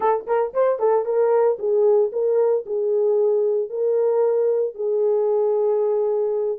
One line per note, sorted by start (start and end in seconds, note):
0.00 0.26 A4
0.26 0.53 A#4
0.53 0.79 C5
0.79 1.05 A4
1.05 1.57 A#4
1.58 2.11 G#4
2.12 2.65 A#4
2.66 3.69 G#4
3.69 4.74 A#4
4.74 6.58 G#4